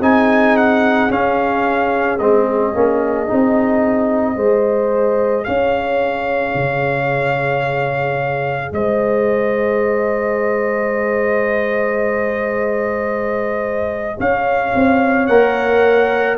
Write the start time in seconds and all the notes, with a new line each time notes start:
0.00 C4 D#4 G#4 G#5
0.57 F#5
1.10 C#4 F5
2.18 G#3 C4 D#5
2.74 A#3 C#4
3.27 C4 D#4
4.35 G#3 G#4 C5
5.44 C#4 C#5 F5
6.55 C#3
8.72 G#3 C5 D#5
14.18 C#4 C#5 F5
14.75 C4
15.27 A#3 A#4 F#5